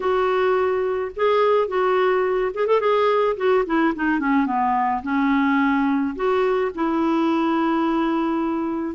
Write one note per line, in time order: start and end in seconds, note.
0.00 1.11 F#4
1.15 1.67 G#4
1.67 2.52 F#4
2.54 2.66 G#4
2.66 2.80 A4
2.80 3.36 G#4
3.36 3.64 F#4
3.66 3.94 E4
3.95 4.19 D#4
4.19 4.46 C#4
4.46 5.02 B3
5.02 6.15 C#4
6.15 6.71 F#4
6.74 8.95 E4